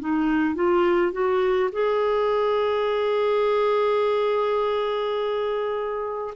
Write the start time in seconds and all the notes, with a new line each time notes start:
0.00 D#4
0.55 F4
1.12 F#4
1.73 G#4